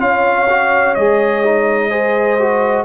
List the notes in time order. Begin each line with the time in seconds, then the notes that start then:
0.00 C#4 F4 C#5 F5
0.50 F#4
0.95 G#3 G#4 D#5
1.45 D#4
1.90 G#4 C5
2.39 F#4